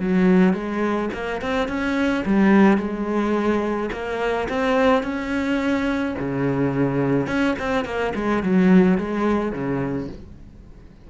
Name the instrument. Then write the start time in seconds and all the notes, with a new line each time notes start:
cello
0.00 F#3
0.54 G#3
1.13 A#3
1.42 C4
1.68 C#4
2.26 G3
2.78 G#3
3.92 A#3
4.49 C4
5.03 C#4
6.19 C#3
7.27 C#4
7.59 C4
7.85 A#3
8.15 G#3
8.43 F#3
8.98 G#3
9.52 C#3